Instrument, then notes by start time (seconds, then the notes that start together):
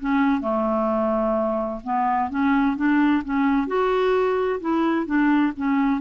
clarinet
0.00 C#4
0.41 A3
1.84 B3
2.30 C#4
2.77 D4
3.25 C#4
3.67 F#4
4.61 E4
5.06 D4
5.57 C#4